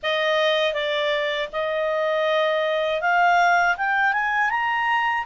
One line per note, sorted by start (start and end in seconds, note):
0.02 0.73 D#5
0.73 1.48 D5
1.52 3.01 D#5
3.01 3.76 F5
3.77 4.12 G5
4.12 4.50 G#5
4.50 5.25 A#5